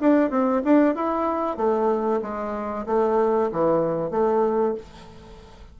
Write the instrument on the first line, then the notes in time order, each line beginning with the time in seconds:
bassoon
0.00 D4
0.30 C4
0.64 D4
0.95 E4
1.57 A3
2.22 G#3
2.86 A3
3.52 E3
4.11 A3